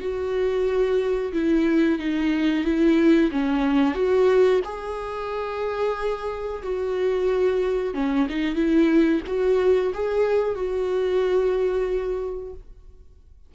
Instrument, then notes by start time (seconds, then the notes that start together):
viola
0.00 F#4
1.32 E4
1.98 D#4
2.64 E4
3.31 C#4
3.94 F#4
4.64 G#4
6.62 F#4
7.94 C#4
8.29 D#4
8.55 E4
9.27 F#4
9.94 G#4
10.55 F#4